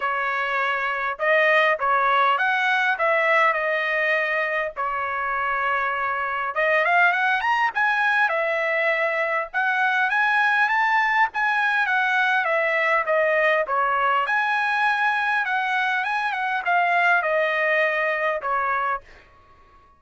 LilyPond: \new Staff \with { instrumentName = "trumpet" } { \time 4/4 \tempo 4 = 101 cis''2 dis''4 cis''4 | fis''4 e''4 dis''2 | cis''2. dis''8 f''8 | fis''8 ais''8 gis''4 e''2 |
fis''4 gis''4 a''4 gis''4 | fis''4 e''4 dis''4 cis''4 | gis''2 fis''4 gis''8 fis''8 | f''4 dis''2 cis''4 | }